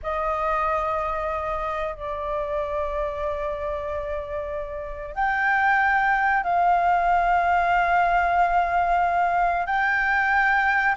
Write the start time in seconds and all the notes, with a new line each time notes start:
0.03 D#5
1.95 D5
5.14 G5
6.43 F5
9.66 G5